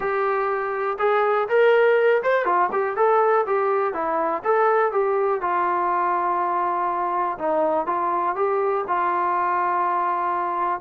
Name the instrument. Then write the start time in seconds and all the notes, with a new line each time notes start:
trombone
0.00 G4
0.98 G#4
1.48 A#4
2.22 C5
2.45 F4
2.72 G4
2.96 A4
3.46 G4
3.93 E4
4.44 A4
4.92 G4
5.41 F4
7.38 D#4
7.86 F4
8.35 G4
8.87 F4